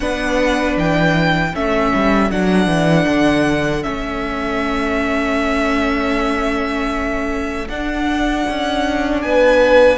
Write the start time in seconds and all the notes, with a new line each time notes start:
0.00 B3 D4 B4 F#5
0.76 E3 G5
1.54 A3 C#4 A4 E5
1.94 G3
2.30 F#3 D4 F#5
2.66 E3
3.08 D3
3.83 A3 C#4 E5
7.67 D4 F#5
8.49 C#4
9.21 B3 B4 G#5